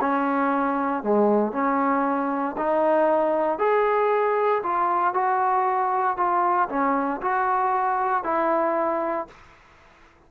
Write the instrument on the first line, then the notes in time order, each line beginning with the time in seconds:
trombone
0.00 C#4
1.03 G#3
1.52 C#4
2.57 D#4
3.58 G#4
4.63 F4
5.13 F#4
6.17 F4
6.69 C#4
7.21 F#4
8.24 E4